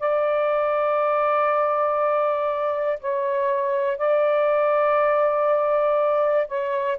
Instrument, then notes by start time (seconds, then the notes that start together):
saxophone
0.00 D5
3.00 C#5
3.98 D5
6.48 C#5